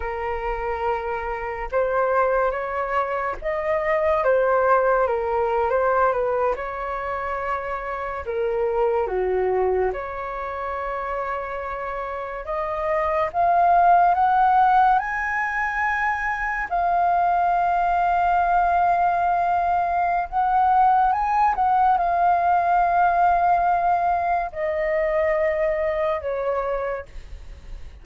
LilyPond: \new Staff \with { instrumentName = "flute" } { \time 4/4 \tempo 4 = 71 ais'2 c''4 cis''4 | dis''4 c''4 ais'8. c''8 b'8 cis''16~ | cis''4.~ cis''16 ais'4 fis'4 cis''16~ | cis''2~ cis''8. dis''4 f''16~ |
f''8. fis''4 gis''2 f''16~ | f''1 | fis''4 gis''8 fis''8 f''2~ | f''4 dis''2 cis''4 | }